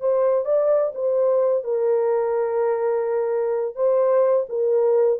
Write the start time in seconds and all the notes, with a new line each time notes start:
0.00 C5
0.45 D5
0.94 C5
1.64 A#4
3.75 C5
4.49 A#4